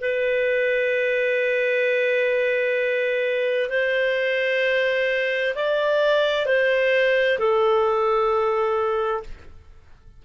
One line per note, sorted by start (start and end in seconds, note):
0.00 3.69 B4
3.69 5.54 C5
5.55 6.46 D5
6.46 7.38 C5
7.38 9.23 A4